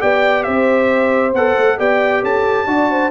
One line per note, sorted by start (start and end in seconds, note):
0.00 0.47 B3
0.00 1.33 G4
0.00 0.46 D5
0.00 0.44 G5
0.44 1.34 C4
0.44 1.79 C5
0.44 1.32 E5
1.34 1.57 B3
1.34 1.78 A4
1.34 1.80 F#5
1.57 1.79 A3
1.78 2.23 B3
1.78 2.67 G4
1.78 2.23 D5
1.78 2.24 G5
2.23 2.67 C#4
2.23 2.67 A4
2.23 3.11 A5
2.67 3.11 D4
2.67 3.11 F#4
2.67 2.91 D5
2.91 3.11 C5